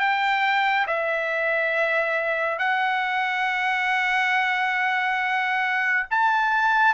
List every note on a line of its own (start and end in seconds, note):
0.00 0.87 G5
0.87 2.59 E5
2.59 6.07 F#5
6.11 6.94 A5